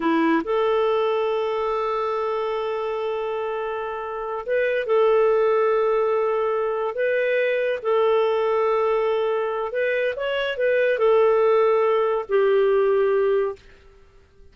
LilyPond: \new Staff \with { instrumentName = "clarinet" } { \time 4/4 \tempo 4 = 142 e'4 a'2.~ | a'1~ | a'2~ a'8 b'4 a'8~ | a'1~ |
a'8 b'2 a'4.~ | a'2. b'4 | cis''4 b'4 a'2~ | a'4 g'2. | }